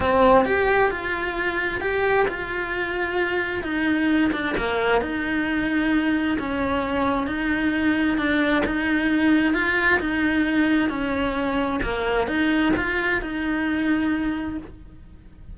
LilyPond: \new Staff \with { instrumentName = "cello" } { \time 4/4 \tempo 4 = 132 c'4 g'4 f'2 | g'4 f'2. | dis'4. d'8 ais4 dis'4~ | dis'2 cis'2 |
dis'2 d'4 dis'4~ | dis'4 f'4 dis'2 | cis'2 ais4 dis'4 | f'4 dis'2. | }